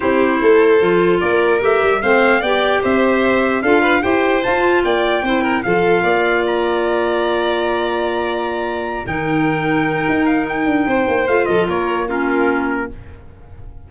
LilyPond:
<<
  \new Staff \with { instrumentName = "trumpet" } { \time 4/4 \tempo 4 = 149 c''2. d''4 | e''4 f''4 g''4 e''4~ | e''4 f''4 g''4 a''4 | g''2 f''2 |
ais''1~ | ais''2~ ais''8 g''4.~ | g''4. f''8 g''2 | f''8 dis''8 cis''4 ais'2 | }
  \new Staff \with { instrumentName = "violin" } { \time 4/4 g'4 a'2 ais'4~ | ais'4 c''4 d''4 c''4~ | c''4 a'8 b'8 c''2 | d''4 c''8 ais'8 a'4 d''4~ |
d''1~ | d''2~ d''8 ais'4.~ | ais'2. c''4~ | c''8 a'8 ais'4 f'2 | }
  \new Staff \with { instrumentName = "clarinet" } { \time 4/4 e'2 f'2 | g'4 c'4 g'2~ | g'4 f'4 g'4 f'4~ | f'4 e'4 f'2~ |
f'1~ | f'2~ f'8 dis'4.~ | dis'1 | f'2 cis'2 | }
  \new Staff \with { instrumentName = "tuba" } { \time 4/4 c'4 a4 f4 ais4 | a8 g8 a4 b4 c'4~ | c'4 d'4 e'4 f'4 | ais4 c'4 f4 ais4~ |
ais1~ | ais2~ ais8 dis4.~ | dis4 dis'4. d'8 c'8 ais8 | a8 f8 ais2. | }
>>